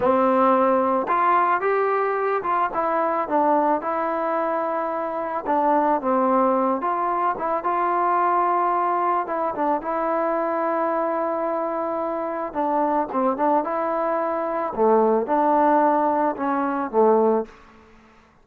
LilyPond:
\new Staff \with { instrumentName = "trombone" } { \time 4/4 \tempo 4 = 110 c'2 f'4 g'4~ | g'8 f'8 e'4 d'4 e'4~ | e'2 d'4 c'4~ | c'8 f'4 e'8 f'2~ |
f'4 e'8 d'8 e'2~ | e'2. d'4 | c'8 d'8 e'2 a4 | d'2 cis'4 a4 | }